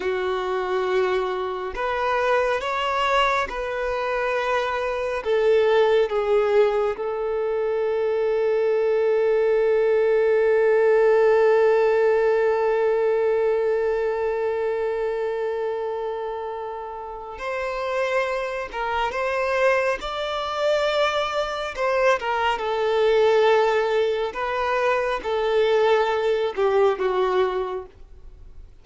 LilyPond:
\new Staff \with { instrumentName = "violin" } { \time 4/4 \tempo 4 = 69 fis'2 b'4 cis''4 | b'2 a'4 gis'4 | a'1~ | a'1~ |
a'1 | c''4. ais'8 c''4 d''4~ | d''4 c''8 ais'8 a'2 | b'4 a'4. g'8 fis'4 | }